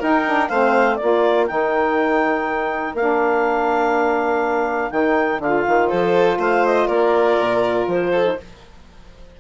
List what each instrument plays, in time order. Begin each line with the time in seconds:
0.00 saxophone D#4, bassoon D#4, violin A#4, clarinet G5
0.26 saxophone D4
0.49 bassoon A3, saxophone C4, violin C5, clarinet F5
0.97 saxophone F4, violin A#4, clarinet D5
1.03 bassoon A#3
1.47 bassoon D#3, saxophone D#4, clarinet G5
2.94 bassoon A#3, saxophone D4, clarinet F5
4.91 bassoon D#3, saxophone D#4, clarinet G5
5.40 bassoon D3, saxophone F4, clarinet F5
5.68 bassoon D#3
5.88 bassoon F3, violin A4, clarinet C5
6.38 bassoon A3, violin C5, clarinet F5
6.66 clarinet D#5
6.88 bassoon A#3, violin A#4, clarinet D5
7.40 bassoon A#2
7.88 bassoon F3, clarinet C5
8.13 violin A4
8.24 saxophone D#4